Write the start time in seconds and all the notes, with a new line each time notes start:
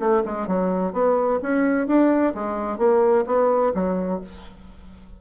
0.00 A3
0.26 G#3
0.48 F#3
0.93 B3
1.43 C#4
1.88 D4
2.35 G#3
2.79 A#3
3.27 B3
3.75 F#3